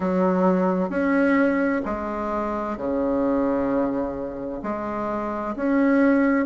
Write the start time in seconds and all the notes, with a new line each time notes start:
0.00 F#3
0.89 C#4
1.85 G#3
2.77 C#3
4.62 G#3
5.56 C#4